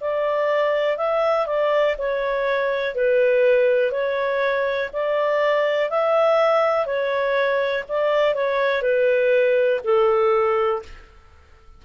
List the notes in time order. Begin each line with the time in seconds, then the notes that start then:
0.00 D5
0.97 E5
1.46 D5
1.98 C#5
2.94 B4
3.91 C#5
4.92 D5
5.90 E5
6.85 C#5
7.88 D5
8.34 C#5
8.82 B4
9.84 A4